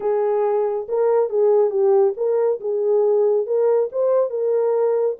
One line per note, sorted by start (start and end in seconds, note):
0.00 0.86 G#4
0.88 1.29 A#4
1.29 1.70 G#4
1.70 2.13 G4
2.17 2.60 A#4
2.60 3.46 G#4
3.46 3.89 A#4
3.92 4.30 C5
4.30 5.16 A#4